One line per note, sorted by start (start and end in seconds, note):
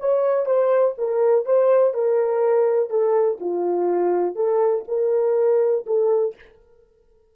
0.00 0.46 C#5
0.46 0.95 C5
0.98 1.46 A#4
1.46 1.94 C5
1.94 2.90 A#4
2.90 3.39 A4
3.41 4.36 F4
4.36 4.85 A4
4.88 5.86 A#4
5.87 6.35 A4